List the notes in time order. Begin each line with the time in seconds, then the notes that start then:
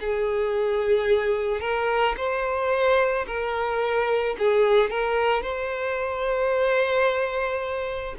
0.00 G#4
1.60 A#4
2.17 C5
3.26 A#4
4.38 G#4
4.90 A#4
5.42 C5